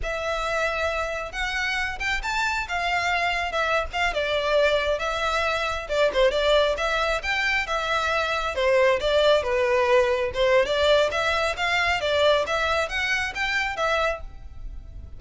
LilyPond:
\new Staff \with { instrumentName = "violin" } { \time 4/4 \tempo 4 = 135 e''2. fis''4~ | fis''8 g''8 a''4 f''2 | e''8. f''8 d''2 e''8.~ | e''4~ e''16 d''8 c''8 d''4 e''8.~ |
e''16 g''4 e''2 c''8.~ | c''16 d''4 b'2 c''8. | d''4 e''4 f''4 d''4 | e''4 fis''4 g''4 e''4 | }